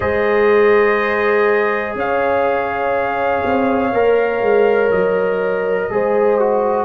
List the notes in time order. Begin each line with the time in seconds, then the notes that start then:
0.00 G#3 G#4 C5 D#5
1.94 C#4 C#5 F5
3.44 C4
3.92 A#3 A#4
4.41 G#3
4.90 F#3 D#5
5.90 G#3 G#4 C5
6.39 F#4